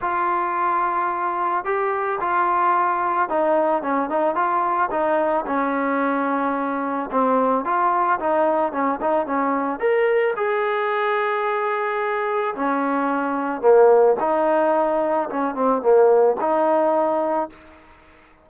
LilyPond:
\new Staff \with { instrumentName = "trombone" } { \time 4/4 \tempo 4 = 110 f'2. g'4 | f'2 dis'4 cis'8 dis'8 | f'4 dis'4 cis'2~ | cis'4 c'4 f'4 dis'4 |
cis'8 dis'8 cis'4 ais'4 gis'4~ | gis'2. cis'4~ | cis'4 ais4 dis'2 | cis'8 c'8 ais4 dis'2 | }